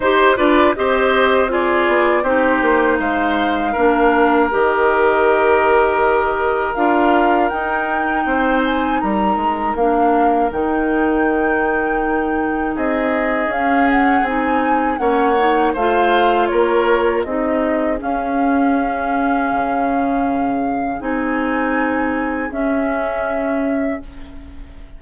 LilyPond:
<<
  \new Staff \with { instrumentName = "flute" } { \time 4/4 \tempo 4 = 80 c''8 d''8 dis''4 d''4 c''4 | f''2 dis''2~ | dis''4 f''4 g''4. gis''8 | ais''4 f''4 g''2~ |
g''4 dis''4 f''8 fis''8 gis''4 | fis''4 f''4 cis''4 dis''4 | f''1 | gis''2 e''2 | }
  \new Staff \with { instrumentName = "oboe" } { \time 4/4 c''8 b'8 c''4 gis'4 g'4 | c''4 ais'2.~ | ais'2. c''4 | ais'1~ |
ais'4 gis'2. | cis''4 c''4 ais'4 gis'4~ | gis'1~ | gis'1 | }
  \new Staff \with { instrumentName = "clarinet" } { \time 4/4 g'8 f'8 g'4 f'4 dis'4~ | dis'4 d'4 g'2~ | g'4 f'4 dis'2~ | dis'4 d'4 dis'2~ |
dis'2 cis'4 dis'4 | cis'8 dis'8 f'2 dis'4 | cis'1 | dis'2 cis'2 | }
  \new Staff \with { instrumentName = "bassoon" } { \time 4/4 dis'8 d'8 c'4. b8 c'8 ais8 | gis4 ais4 dis2~ | dis4 d'4 dis'4 c'4 | g8 gis8 ais4 dis2~ |
dis4 c'4 cis'4 c'4 | ais4 a4 ais4 c'4 | cis'2 cis2 | c'2 cis'2 | }
>>